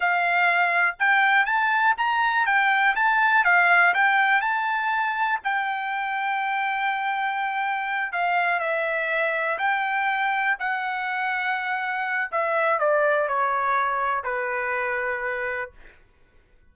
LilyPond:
\new Staff \with { instrumentName = "trumpet" } { \time 4/4 \tempo 4 = 122 f''2 g''4 a''4 | ais''4 g''4 a''4 f''4 | g''4 a''2 g''4~ | g''1~ |
g''8 f''4 e''2 g''8~ | g''4. fis''2~ fis''8~ | fis''4 e''4 d''4 cis''4~ | cis''4 b'2. | }